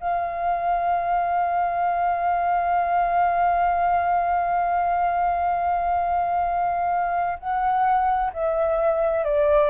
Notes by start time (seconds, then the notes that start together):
0.00 F5
7.39 F#5
8.33 E5
9.24 D5